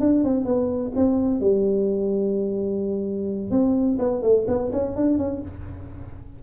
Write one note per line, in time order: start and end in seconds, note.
0.00 0.24 D4
0.24 0.45 C4
0.45 0.92 B3
0.95 1.40 C4
1.40 3.51 G3
3.51 3.98 C4
3.99 4.22 B3
4.22 4.46 A3
4.48 4.71 B3
4.72 4.96 C#4
4.96 5.18 D4
5.18 5.41 C#4